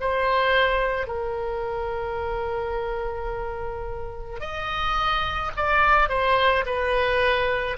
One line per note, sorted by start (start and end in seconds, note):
0.00 1.07 C5
1.07 4.40 A#4
4.40 5.51 D#5
5.56 6.09 D5
6.09 6.64 C5
6.66 7.77 B4